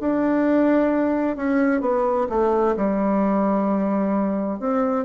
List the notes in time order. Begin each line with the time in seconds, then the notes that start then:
0.00 D4
1.37 C#4
1.81 B3
2.30 A3
2.77 G3
4.60 C4